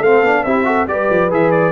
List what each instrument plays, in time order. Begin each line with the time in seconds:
0.00 tuba A3, trombone C4, horn A4, trumpet F5
0.22 tuba B3, trombone D4
0.44 tuba C4, trombone E4, horn G4, trumpet E5
0.65 trombone F#4, horn A4
0.87 tuba G3, trombone G4, horn B4, trumpet D5
1.10 tuba F3
1.30 tuba E3, trombone G#4, trumpet E5
1.51 trumpet D5